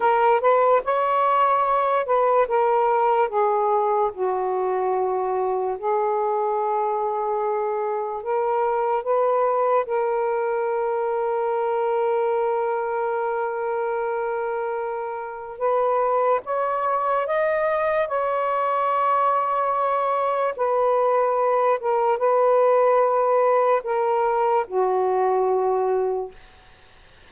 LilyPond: \new Staff \with { instrumentName = "saxophone" } { \time 4/4 \tempo 4 = 73 ais'8 b'8 cis''4. b'8 ais'4 | gis'4 fis'2 gis'4~ | gis'2 ais'4 b'4 | ais'1~ |
ais'2. b'4 | cis''4 dis''4 cis''2~ | cis''4 b'4. ais'8 b'4~ | b'4 ais'4 fis'2 | }